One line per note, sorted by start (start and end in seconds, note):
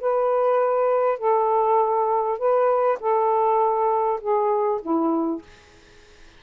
0.00 1.18 B4
1.18 2.38 A4
2.38 2.98 B4
2.99 4.19 A4
4.20 4.80 G#4
4.82 5.41 E4